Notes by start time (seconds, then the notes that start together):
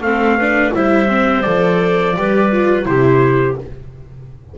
0.00 A3 C4 A4 F5
0.37 D4 B4
0.73 G3 E4 C5 E5
1.08 C4
1.41 F3 A4 D5
2.16 G3 G4 B4
2.51 F4
2.85 C3 E4 G4 C5